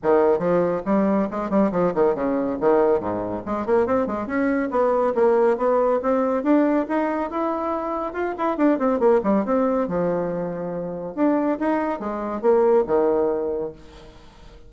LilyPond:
\new Staff \with { instrumentName = "bassoon" } { \time 4/4 \tempo 4 = 140 dis4 f4 g4 gis8 g8 | f8 dis8 cis4 dis4 gis,4 | gis8 ais8 c'8 gis8 cis'4 b4 | ais4 b4 c'4 d'4 |
dis'4 e'2 f'8 e'8 | d'8 c'8 ais8 g8 c'4 f4~ | f2 d'4 dis'4 | gis4 ais4 dis2 | }